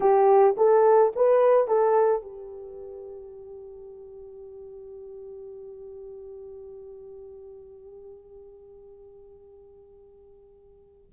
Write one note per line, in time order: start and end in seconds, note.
0.00 0.56 G4
0.57 1.13 A4
1.15 1.67 B4
1.67 2.21 A4
2.21 11.10 G4